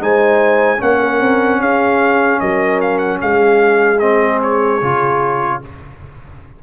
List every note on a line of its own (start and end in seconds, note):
0.00 0.80 G#3
0.00 0.77 D#4
0.00 0.78 C5
0.00 0.81 G#5
0.77 1.20 A#3
0.77 3.97 C#4
0.77 0.98 C#5
0.77 1.61 F#5
1.00 1.60 A#4
1.20 1.60 C4
1.60 2.40 C#4
1.60 2.40 G#4
1.60 2.40 F5
2.40 3.21 F#3
2.40 3.20 A#4
2.40 2.80 D#5
2.81 2.98 F5
2.98 3.18 F#5
3.20 4.82 G#3
3.20 5.60 G#4
3.20 3.99 F5
3.99 4.81 C4
3.99 4.39 D#5
4.43 5.63 C#5
4.82 5.62 C#3
4.82 5.62 F4